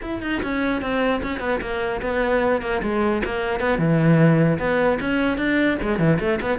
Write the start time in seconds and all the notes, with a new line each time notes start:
0.02 E4
0.22 D#4
0.42 C#4
0.81 C4
1.23 C#4
1.39 B3
1.61 A#3
2.01 B3
2.61 A#3
2.82 G#3
3.24 A#3
3.60 B3
3.78 E3
4.59 B3
5.00 C#4
5.37 D4
5.82 G#3
5.99 E3
6.19 A3
6.41 B3